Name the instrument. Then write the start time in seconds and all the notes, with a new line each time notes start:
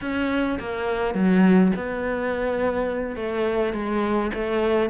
cello
0.01 C#4
0.59 A#3
1.14 F#3
1.76 B3
3.15 A3
3.73 G#3
4.34 A3